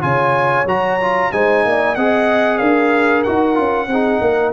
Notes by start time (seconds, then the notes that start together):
0.00 C#3 F4 C#5 G#5
0.65 F#3 F#4 A#5
1.01 F4
1.32 G#3 D#4 C5 G#5
1.65 A#3 D5
1.95 C4 G#4 D#5 F#5
2.58 D4 A#4 F5
3.23 D#4 F#4 F#5
3.54 C#4 F4
3.87 C4 G#4
3.93 D#4
4.21 A#3 A#4